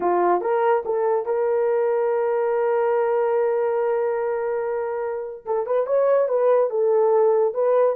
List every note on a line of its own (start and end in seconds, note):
0.00 0.41 F4
0.41 0.83 A#4
0.85 1.25 A4
1.25 5.45 A#4
5.45 5.66 A4
5.66 5.86 B4
5.86 6.28 C#5
6.28 6.69 B4
6.69 7.53 A4
7.54 7.95 B4